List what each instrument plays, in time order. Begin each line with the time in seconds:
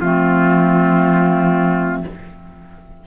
0.00 cello F3, clarinet A3 C4, trumpet F4